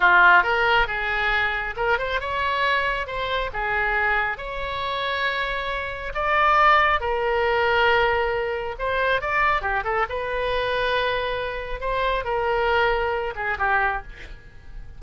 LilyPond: \new Staff \with { instrumentName = "oboe" } { \time 4/4 \tempo 4 = 137 f'4 ais'4 gis'2 | ais'8 c''8 cis''2 c''4 | gis'2 cis''2~ | cis''2 d''2 |
ais'1 | c''4 d''4 g'8 a'8 b'4~ | b'2. c''4 | ais'2~ ais'8 gis'8 g'4 | }